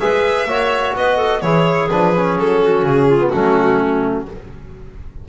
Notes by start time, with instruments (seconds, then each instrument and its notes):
0.00 double bass G#3, trombone G#4, clarinet B4, violin E5
0.45 double bass A#3, trombone F#4, clarinet C#5
0.95 double bass B3, clarinet B4, violin D#5
1.17 clarinet A4
1.41 double bass E3, trombone E4, clarinet G#4, violin C#5
1.90 double bass F3, trombone D4, violin B4
2.16 trombone C#4
2.38 double bass F#3, violin A4
2.62 clarinet F#4
2.82 double bass C#3, violin G#4
3.08 clarinet F4
3.19 trombone B3
3.29 double bass F#3, trombone A3, clarinet C#4, violin F#4